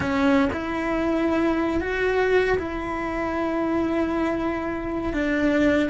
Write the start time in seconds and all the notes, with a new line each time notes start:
0.00 C#4
0.52 E4
1.81 F#4
2.58 E4
5.13 D4